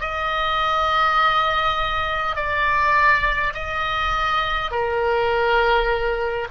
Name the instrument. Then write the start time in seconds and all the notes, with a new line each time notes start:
oboe
0.00 D#5
2.35 D5
3.53 D#5
4.71 A#4